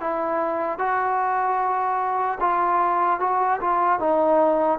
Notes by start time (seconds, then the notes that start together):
0.00 E4
0.79 F#4
2.40 F4
3.20 F#4
3.61 F4
3.99 D#4